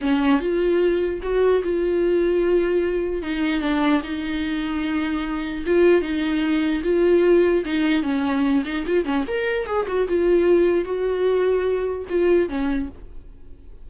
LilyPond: \new Staff \with { instrumentName = "viola" } { \time 4/4 \tempo 4 = 149 cis'4 f'2 fis'4 | f'1 | dis'4 d'4 dis'2~ | dis'2 f'4 dis'4~ |
dis'4 f'2 dis'4 | cis'4. dis'8 f'8 cis'8 ais'4 | gis'8 fis'8 f'2 fis'4~ | fis'2 f'4 cis'4 | }